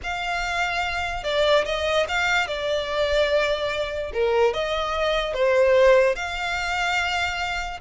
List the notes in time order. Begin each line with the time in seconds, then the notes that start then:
0.03 F5
1.23 D5
1.65 D#5
2.08 F5
2.47 D5
4.13 A#4
4.53 D#5
5.33 C5
6.15 F5